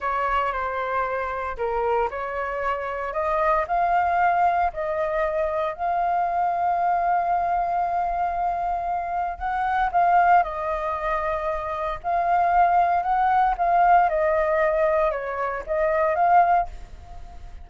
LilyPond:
\new Staff \with { instrumentName = "flute" } { \time 4/4 \tempo 4 = 115 cis''4 c''2 ais'4 | cis''2 dis''4 f''4~ | f''4 dis''2 f''4~ | f''1~ |
f''2 fis''4 f''4 | dis''2. f''4~ | f''4 fis''4 f''4 dis''4~ | dis''4 cis''4 dis''4 f''4 | }